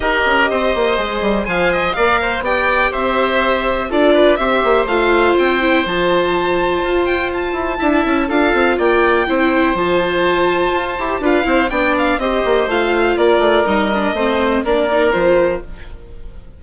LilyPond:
<<
  \new Staff \with { instrumentName = "violin" } { \time 4/4 \tempo 4 = 123 dis''2. gis''4 | f''4 g''4 e''2 | d''4 e''4 f''4 g''4 | a''2~ a''8 g''8 a''4~ |
a''4 f''4 g''2 | a''2. f''4 | g''8 f''8 dis''4 f''4 d''4 | dis''2 d''4 c''4 | }
  \new Staff \with { instrumentName = "oboe" } { \time 4/4 ais'4 c''2 f''8 dis''8 | d''8 c''8 d''4 c''2 | a'8 b'8 c''2.~ | c''1 |
e''4 a'4 d''4 c''4~ | c''2. b'8 c''8 | d''4 c''2 ais'4~ | ais'4 c''4 ais'2 | }
  \new Staff \with { instrumentName = "viola" } { \time 4/4 g'2 gis'4 c''4 | ais'4 g'2. | f'4 g'4 f'4. e'8 | f'1 |
e'4 f'2 e'4 | f'2~ f'8 g'8 f'8 e'8 | d'4 g'4 f'2 | dis'8 d'8 c'4 d'8 dis'8 f'4 | }
  \new Staff \with { instrumentName = "bassoon" } { \time 4/4 dis'8 cis'8 c'8 ais8 gis8 g8 f4 | ais4 b4 c'2 | d'4 c'8 ais8 a4 c'4 | f2 f'4. e'8 |
d'8 cis'8 d'8 c'8 ais4 c'4 | f2 f'8 e'8 d'8 c'8 | b4 c'8 ais8 a4 ais8 a8 | g4 a4 ais4 f4 | }
>>